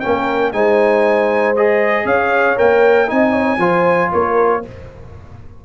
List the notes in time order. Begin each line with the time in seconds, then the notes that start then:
0.00 A#3 C#4 A#4 G5
0.52 G#3 D#4 C5 G#5
1.56 G#4 D#5
2.05 C#4 C#5 F5
2.57 A#3 A#4 G5
3.07 C4 D#4 D#5 G#5
3.33 C#5
3.58 F3 F4 C5
4.12 A#3 A#4 C#5